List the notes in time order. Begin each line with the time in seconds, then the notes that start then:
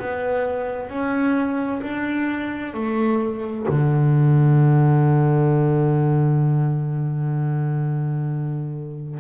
0.00 B3
0.90 C#4
1.83 D4
2.74 A3
3.69 D3